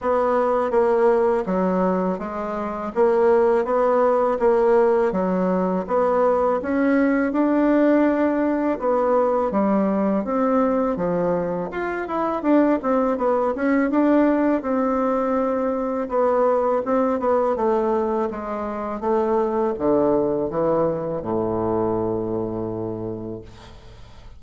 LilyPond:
\new Staff \with { instrumentName = "bassoon" } { \time 4/4 \tempo 4 = 82 b4 ais4 fis4 gis4 | ais4 b4 ais4 fis4 | b4 cis'4 d'2 | b4 g4 c'4 f4 |
f'8 e'8 d'8 c'8 b8 cis'8 d'4 | c'2 b4 c'8 b8 | a4 gis4 a4 d4 | e4 a,2. | }